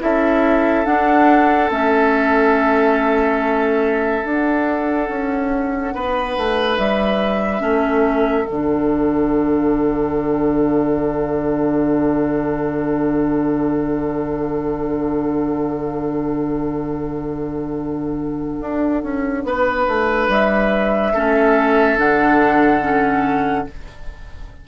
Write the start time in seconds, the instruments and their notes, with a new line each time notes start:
0.00 bassoon C#4, clarinet E4, oboe A4, flute E5
0.85 clarinet D4, bassoon D4, flute F#5
1.70 bassoon A3, clarinet C#4, flute E5
4.23 clarinet D4, bassoon D4, flute F#5
5.09 bassoon C#4
5.94 bassoon B3, oboe B4
6.37 bassoon A3
6.78 bassoon G3, flute E5
7.60 bassoon A3, clarinet C#4, oboe A4
8.46 bassoon D3, clarinet D4, flute F#5
18.61 bassoon D4
19.03 bassoon C#4
19.44 bassoon B3, oboe B4
19.88 bassoon A3
20.29 bassoon G3, flute E5
21.14 bassoon A3, clarinet C#4, oboe A4
21.98 bassoon D3, clarinet D4, flute F#5
22.82 clarinet C#4